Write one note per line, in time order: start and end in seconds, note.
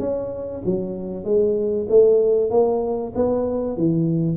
0.00 0.62 C#4
0.66 1.25 F#3
1.25 1.87 G#3
1.90 2.51 A3
2.51 3.13 A#3
3.16 3.77 B3
3.77 4.37 E3